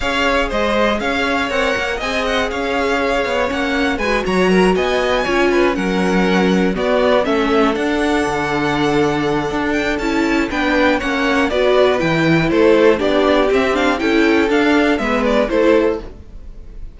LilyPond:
<<
  \new Staff \with { instrumentName = "violin" } { \time 4/4 \tempo 4 = 120 f''4 dis''4 f''4 fis''4 | gis''8 fis''8 f''2 fis''4 | gis''8 ais''4 gis''2 fis''8~ | fis''4. d''4 e''4 fis''8~ |
fis''2.~ fis''8 g''8 | a''4 g''4 fis''4 d''4 | g''4 c''4 d''4 e''8 f''8 | g''4 f''4 e''8 d''8 c''4 | }
  \new Staff \with { instrumentName = "violin" } { \time 4/4 cis''4 c''4 cis''2 | dis''4 cis''2. | b'8 cis''8 ais'8 dis''4 cis''8 b'8 ais'8~ | ais'4. fis'4 a'4.~ |
a'1~ | a'4 b'4 cis''4 b'4~ | b'4 a'4 g'2 | a'2 b'4 a'4 | }
  \new Staff \with { instrumentName = "viola" } { \time 4/4 gis'2. ais'4 | gis'2. cis'4 | fis'2~ fis'8 f'4 cis'8~ | cis'4. b4 cis'4 d'8~ |
d'1 | e'4 d'4 cis'4 fis'4 | e'2 d'4 c'8 d'8 | e'4 d'4 b4 e'4 | }
  \new Staff \with { instrumentName = "cello" } { \time 4/4 cis'4 gis4 cis'4 c'8 ais8 | c'4 cis'4. b8 ais4 | gis8 fis4 b4 cis'4 fis8~ | fis4. b4 a4 d'8~ |
d'8 d2~ d8 d'4 | cis'4 b4 ais4 b4 | e4 a4 b4 c'4 | cis'4 d'4 gis4 a4 | }
>>